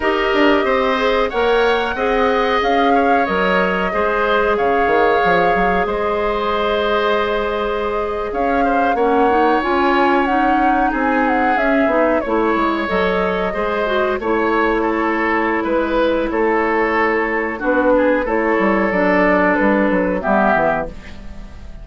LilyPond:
<<
  \new Staff \with { instrumentName = "flute" } { \time 4/4 \tempo 4 = 92 dis''2 fis''2 | f''4 dis''2 f''4~ | f''4 dis''2.~ | dis''8. f''4 fis''4 gis''4 fis''16~ |
fis''8. gis''8 fis''8 e''4 cis''4 dis''16~ | dis''4.~ dis''16 cis''2~ cis''16 | b'4 cis''2 b'4 | cis''4 d''4 b'4 e''4 | }
  \new Staff \with { instrumentName = "oboe" } { \time 4/4 ais'4 c''4 cis''4 dis''4~ | dis''8 cis''4. c''4 cis''4~ | cis''4 c''2.~ | c''8. cis''8 c''8 cis''2~ cis''16~ |
cis''8. gis'2 cis''4~ cis''16~ | cis''8. c''4 cis''4 a'4~ a'16 | b'4 a'2 fis'8 gis'8 | a'2. g'4 | }
  \new Staff \with { instrumentName = "clarinet" } { \time 4/4 g'4. gis'8 ais'4 gis'4~ | gis'4 ais'4 gis'2~ | gis'1~ | gis'4.~ gis'16 cis'8 dis'8 f'4 dis'16~ |
dis'4.~ dis'16 cis'8 dis'8 e'4 a'16~ | a'8. gis'8 fis'8 e'2~ e'16~ | e'2. d'4 | e'4 d'2 b4 | }
  \new Staff \with { instrumentName = "bassoon" } { \time 4/4 dis'8 d'8 c'4 ais4 c'4 | cis'4 fis4 gis4 cis8 dis8 | f8 fis8 gis2.~ | gis8. cis'4 ais4 cis'4~ cis'16~ |
cis'8. c'4 cis'8 b8 a8 gis8 fis16~ | fis8. gis4 a2~ a16 | gis4 a2 b4 | a8 g8 fis4 g8 fis8 g8 e8 | }
>>